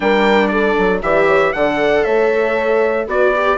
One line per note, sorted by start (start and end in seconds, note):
0.00 0.76 G3
0.00 1.01 D4
0.00 0.51 A#4
0.00 0.48 G5
0.48 1.02 A4
0.48 0.99 D5
0.77 1.02 F#3
1.02 1.53 E3
1.02 1.53 G4
1.02 1.26 D5
1.02 1.52 E5
1.26 1.52 C#5
1.52 2.05 D3
1.52 3.08 A4
1.52 2.04 D5
1.52 2.04 F#5
2.04 3.07 A3
2.04 3.07 C#5
2.04 3.06 E5
3.07 3.58 B3
3.07 3.34 F#4
3.07 3.58 B4
3.07 3.58 D5
3.35 3.58 G4